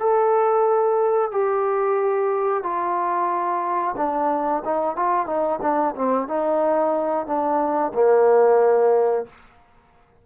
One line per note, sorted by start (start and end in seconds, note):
0.00 1.32 A4
1.32 2.63 G4
2.63 3.95 F4
3.97 4.63 D4
4.65 4.96 D#4
4.96 5.27 F4
5.27 5.60 D#4
5.62 5.95 D4
5.96 6.28 C4
6.28 7.27 D#4
7.27 7.93 D4
7.94 9.26 A#3